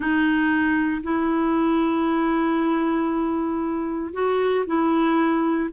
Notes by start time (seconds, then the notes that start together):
0.00 D#4
1.03 E4
4.13 F#4
4.66 E4